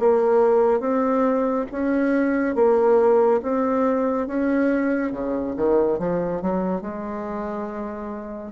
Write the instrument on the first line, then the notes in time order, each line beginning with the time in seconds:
bassoon
0.00 A#3
0.80 C4
1.72 C#4
2.56 A#3
3.43 C4
4.28 C#4
5.12 C#3
5.57 D#3
5.99 F3
6.42 F#3
6.81 G#3